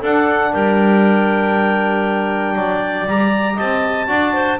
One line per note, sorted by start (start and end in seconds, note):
0.00 0.53 D4
0.00 3.07 D4
0.00 0.51 A4
0.00 0.53 F#5
0.52 2.56 G3
0.52 2.55 A#4
0.52 3.07 G5
2.55 3.06 F#3
2.55 3.55 D5
3.07 3.58 G3
3.07 4.08 G4
3.07 3.58 A#5
3.55 4.08 C4
3.55 4.06 D#5
3.55 4.59 A5
4.08 4.59 D4
4.08 4.58 F#4
4.08 4.33 D5
4.33 4.59 C5